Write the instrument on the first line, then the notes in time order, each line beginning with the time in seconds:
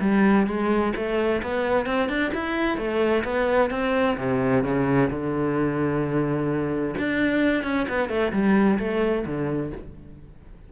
cello
0.00 G3
0.47 G#3
0.95 A3
1.42 B3
1.86 C4
2.08 D4
2.33 E4
2.77 A3
3.24 B3
3.70 C4
4.17 C3
4.63 C#3
5.10 D3
6.98 D4
7.63 C#4
7.89 B3
8.09 A3
8.32 G3
8.78 A3
9.26 D3